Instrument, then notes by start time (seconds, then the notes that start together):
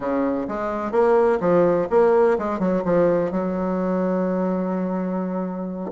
bassoon
0.00 C#3
0.48 G#3
0.91 A#3
1.40 F3
1.90 A#3
2.38 G#3
2.59 F#3
2.84 F3
3.31 F#3